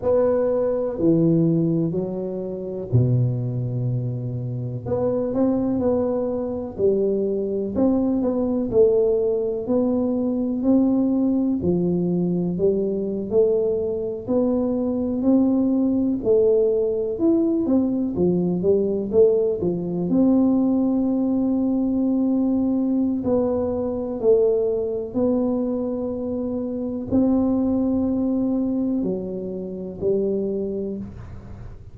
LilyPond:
\new Staff \with { instrumentName = "tuba" } { \time 4/4 \tempo 4 = 62 b4 e4 fis4 b,4~ | b,4 b8 c'8 b4 g4 | c'8 b8 a4 b4 c'4 | f4 g8. a4 b4 c'16~ |
c'8. a4 e'8 c'8 f8 g8 a16~ | a16 f8 c'2.~ c'16 | b4 a4 b2 | c'2 fis4 g4 | }